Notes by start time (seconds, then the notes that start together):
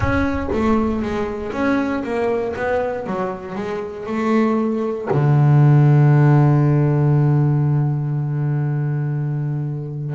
0.00 C#4
0.52 A3
1.02 G#3
1.52 C#4
2.03 A#3
2.56 B3
3.06 F#3
3.55 G#3
4.06 A3
5.11 D3